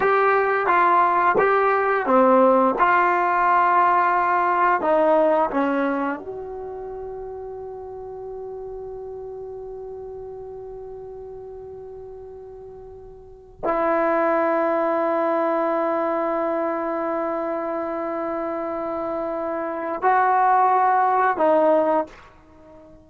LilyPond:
\new Staff \with { instrumentName = "trombone" } { \time 4/4 \tempo 4 = 87 g'4 f'4 g'4 c'4 | f'2. dis'4 | cis'4 fis'2.~ | fis'1~ |
fis'2.~ fis'8. e'16~ | e'1~ | e'1~ | e'4 fis'2 dis'4 | }